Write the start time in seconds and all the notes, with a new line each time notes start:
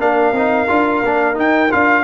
0.00 A#3 D4 A#4 F5
0.32 C4 D#4
0.69 D4 F4
1.03 A#3 D4
1.35 D#4 G5
1.71 D4 F4 F5